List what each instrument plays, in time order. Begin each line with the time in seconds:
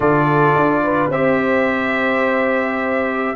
0.00 tuba D3, trombone F4, horn A4, trumpet D5
0.55 tuba D4
0.83 horn B4
1.09 tuba C4, trombone G4, horn C5, trumpet E5